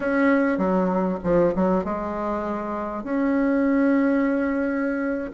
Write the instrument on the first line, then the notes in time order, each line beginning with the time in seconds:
bassoon
0.00 C#4
0.58 F#3
1.23 F3
1.55 F#3
1.84 G#3
3.03 C#4